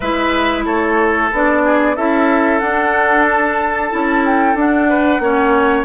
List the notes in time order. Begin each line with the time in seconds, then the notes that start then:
0.00 G#3 E4 B4 E5
0.65 A3 A4 C#5
1.32 B3 D4 D5
1.64 G#4
1.96 C#4 E4 A4 E5
2.59 D4 F#5
3.27 A5
3.90 C#4 E4
4.25 G5
4.54 D4 F#5
4.89 B4
5.19 A#3 C#4 C#5